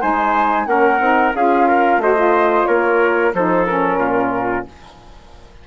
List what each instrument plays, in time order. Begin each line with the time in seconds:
0.00 bassoon G#3, saxophone D#4, trumpet C5, flute G#5
0.66 bassoon A#3, saxophone C#4, trumpet A#4, flute F#5
1.00 bassoon C4, saxophone D#4
1.34 bassoon C#4, saxophone F4, trumpet G#4, flute F5
1.67 trumpet A#4
1.97 bassoon A3, saxophone F#4, trumpet C5, flute D#5
2.15 saxophone F4
2.66 bassoon A#3, trumpet A#4, flute C#5
3.34 bassoon F3, saxophone D#4, trumpet A4, flute C5
3.66 saxophone C#4, flute A#4
3.98 bassoon A#2, trumpet F4